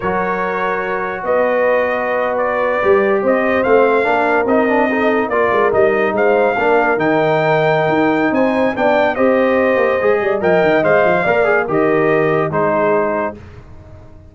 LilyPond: <<
  \new Staff \with { instrumentName = "trumpet" } { \time 4/4 \tempo 4 = 144 cis''2. dis''4~ | dis''4.~ dis''16 d''2 dis''16~ | dis''8. f''2 dis''4~ dis''16~ | dis''8. d''4 dis''4 f''4~ f''16~ |
f''8. g''2.~ g''16 | gis''4 g''4 dis''2~ | dis''4 g''4 f''2 | dis''2 c''2 | }
  \new Staff \with { instrumentName = "horn" } { \time 4/4 ais'2. b'4~ | b'2.~ b'8. c''16~ | c''4.~ c''16 ais'2 a'16~ | a'8. ais'2 c''4 ais'16~ |
ais'1 | c''4 d''4 c''2~ | c''8 d''8 dis''2 d''4 | ais'2 gis'2 | }
  \new Staff \with { instrumentName = "trombone" } { \time 4/4 fis'1~ | fis'2~ fis'8. g'4~ g'16~ | g'8. c'4 d'4 dis'8 d'8 dis'16~ | dis'8. f'4 dis'2 d'16~ |
d'8. dis'2.~ dis'16~ | dis'4 d'4 g'2 | gis'4 ais'4 c''4 ais'8 gis'8 | g'2 dis'2 | }
  \new Staff \with { instrumentName = "tuba" } { \time 4/4 fis2. b4~ | b2~ b8. g4 c'16~ | c'8. a4 ais4 c'4~ c'16~ | c'8. ais8 gis8 g4 gis4 ais16~ |
ais8. dis2~ dis16 dis'4 | c'4 b4 c'4. ais8 | gis8 g8 f8 dis8 gis8 f8 ais4 | dis2 gis2 | }
>>